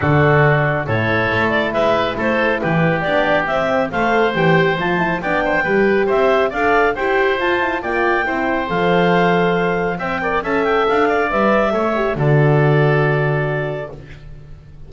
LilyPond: <<
  \new Staff \with { instrumentName = "clarinet" } { \time 4/4 \tempo 4 = 138 a'2 cis''4. d''8 | e''4 c''4 b'4 d''4 | e''4 f''4 g''4 a''4 | g''2 e''4 f''4 |
g''4 a''4 g''2 | f''2. g''4 | a''8 g''8 f''4 e''2 | d''1 | }
  \new Staff \with { instrumentName = "oboe" } { \time 4/4 fis'2 a'2 | b'4 a'4 g'2~ | g'4 c''2. | d''8 c''8 b'4 c''4 d''4 |
c''2 d''4 c''4~ | c''2. e''8 d''8 | e''4. d''4. cis''4 | a'1 | }
  \new Staff \with { instrumentName = "horn" } { \time 4/4 d'2 e'2~ | e'2. d'4 | c'4 a'4 g'4 f'8 e'8 | d'4 g'2 a'4 |
g'4 f'8 e'8 f'4 e'4 | a'2. c''8 ais'8 | a'2 b'4 a'8 g'8 | fis'1 | }
  \new Staff \with { instrumentName = "double bass" } { \time 4/4 d2 a,4 a4 | gis4 a4 e4 b4 | c'4 a4 e4 f4 | b4 g4 c'4 d'4 |
e'4 f'4 ais4 c'4 | f2. c'4 | cis'4 d'4 g4 a4 | d1 | }
>>